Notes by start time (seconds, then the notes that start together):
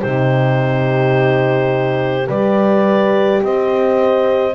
0.00 C3 D#4 G4 C5
2.25 G3 G4 B4 D5
3.42 C4 C5 D#5